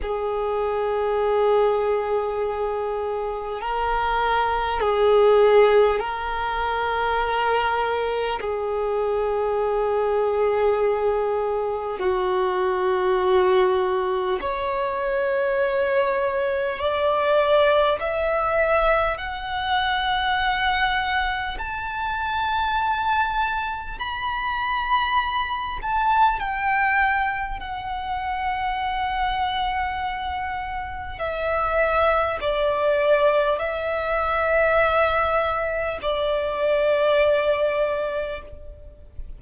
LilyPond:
\new Staff \with { instrumentName = "violin" } { \time 4/4 \tempo 4 = 50 gis'2. ais'4 | gis'4 ais'2 gis'4~ | gis'2 fis'2 | cis''2 d''4 e''4 |
fis''2 a''2 | b''4. a''8 g''4 fis''4~ | fis''2 e''4 d''4 | e''2 d''2 | }